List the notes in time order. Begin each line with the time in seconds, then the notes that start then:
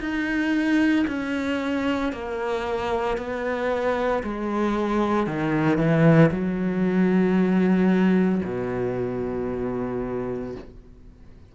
0.00 D#4
1.07 C#4
2.12 A#3
3.17 B3
4.23 G#3
5.26 D#3
5.78 E3
6.31 F#3
8.44 B2